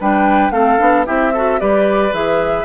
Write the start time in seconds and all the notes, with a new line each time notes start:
0.00 G3 D4 B4 G5
0.51 A3 C4 A4 F5
0.78 B3 D4
1.06 C4 E4 G4 E5
1.33 F#4 A4
1.59 G3 G4 B4 D5
2.12 E3 G#4 E5